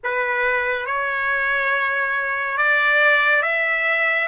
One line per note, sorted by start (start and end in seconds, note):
0.03 0.86 B4
0.86 2.57 C#5
2.57 3.42 D5
3.42 4.28 E5